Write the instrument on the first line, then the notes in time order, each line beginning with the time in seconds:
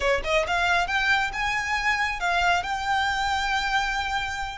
violin
0.00 C#5
0.24 D#5
0.47 F5
0.87 G5
1.32 G#5
2.20 F5
2.63 G5